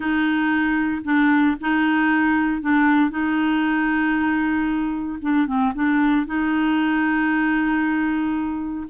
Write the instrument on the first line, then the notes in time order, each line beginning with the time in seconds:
clarinet
0.00 D#4
1.04 D4
1.60 D#4
2.61 D4
3.10 D#4
5.21 D4
5.46 C4
5.74 D4
6.26 D#4